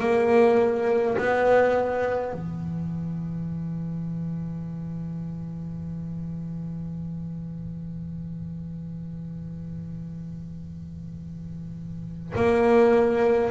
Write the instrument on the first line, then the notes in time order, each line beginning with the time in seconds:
double bass
0.00 A#3
1.18 B3
2.34 E3
12.36 A#3